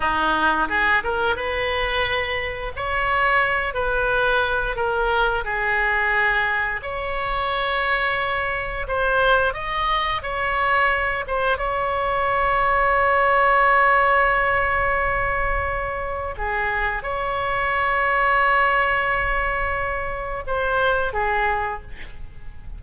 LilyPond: \new Staff \with { instrumentName = "oboe" } { \time 4/4 \tempo 4 = 88 dis'4 gis'8 ais'8 b'2 | cis''4. b'4. ais'4 | gis'2 cis''2~ | cis''4 c''4 dis''4 cis''4~ |
cis''8 c''8 cis''2.~ | cis''1 | gis'4 cis''2.~ | cis''2 c''4 gis'4 | }